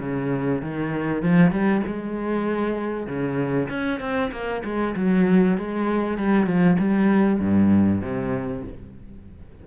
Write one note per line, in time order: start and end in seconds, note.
0.00 0.62 C#3
0.62 1.22 D#3
1.22 1.51 F3
1.51 1.82 G3
1.87 3.07 G#3
3.07 3.69 C#3
3.69 4.00 C#4
4.00 4.31 C4
4.32 4.63 A#3
4.64 4.95 G#3
4.96 5.58 F#3
5.58 6.18 G#3
6.18 6.46 G3
6.46 6.77 F3
6.79 7.40 G3
7.40 8.02 G2
8.02 8.63 C3